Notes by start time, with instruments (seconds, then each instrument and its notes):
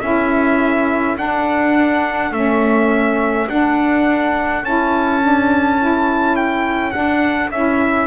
0.00 double bass C#4, saxophone E4, viola A4, trumpet E5
1.16 saxophone D4, double bass D4, trumpet F#5
2.31 double bass A3, saxophone C#4, trumpet E5
3.48 double bass D4, saxophone D4, trumpet F#5
4.63 double bass C#4, saxophone E4, trumpet A5
5.21 saxophone D4
5.78 saxophone E4
6.36 trumpet G5
6.91 saxophone D4, double bass D4, trumpet F#5
7.51 double bass C#4, saxophone E4, trumpet E5